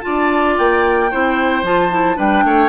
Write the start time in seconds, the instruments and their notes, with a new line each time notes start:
0.00 bassoon D4, clarinet F4, oboe D5, flute A5
0.57 bassoon A#3, flute G5
1.10 bassoon C4, clarinet E4, oboe C5
1.62 bassoon F3, clarinet F4, flute A5
1.91 clarinet E4
2.15 bassoon G3, clarinet D4, oboe B4, flute G5
2.44 bassoon A3, oboe C#5